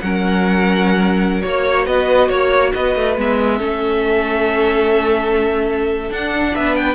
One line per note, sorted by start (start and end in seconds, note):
0.00 1.43 F#3
0.00 1.42 C#4
0.00 1.45 A#4
0.00 1.41 F#5
1.41 1.86 A#3
1.41 3.15 F#4
1.41 1.85 C#5
1.41 1.87 C#5
1.86 2.29 B3
1.86 2.28 B4
1.86 2.29 D#5
2.28 2.72 A#3
2.28 2.72 C#5
2.28 2.73 C#5
2.73 2.95 B3
2.73 3.57 B4
2.73 3.16 D#5
2.95 3.17 A3
3.17 3.60 G#3
3.17 3.59 B3
3.17 6.12 E5
3.57 6.10 A3
3.57 6.09 C#4
3.57 6.51 A4
6.09 6.95 D4
6.09 6.54 D4
6.09 6.55 F#5
6.54 6.95 B3
6.54 6.95 B4
6.54 6.75 E5
6.75 6.95 G5